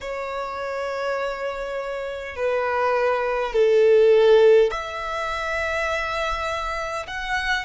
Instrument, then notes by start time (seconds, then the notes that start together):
violin
0.00 C#5
2.35 B4
3.53 A4
4.71 E5
7.06 F#5